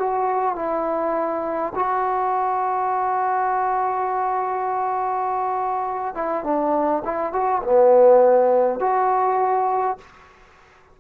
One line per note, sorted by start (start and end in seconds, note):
0.00 0.56 F#4
0.56 1.73 E4
1.75 6.15 F#4
6.15 6.44 E4
6.44 7.03 D4
7.05 7.33 E4
7.33 7.62 F#4
7.63 8.80 B3
8.80 9.98 F#4